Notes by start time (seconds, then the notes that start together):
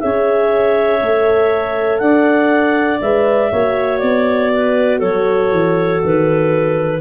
0.00 C#4 G#4 C#5 E5
1.01 A3 A4
1.99 D4 D5 F#5
3.02 G#3 B4 E5
3.52 A#3 F#4 C#5
3.99 B3 D5
4.53 B4
4.99 F#3 A4 C#5
5.52 E3
6.04 D#3 B4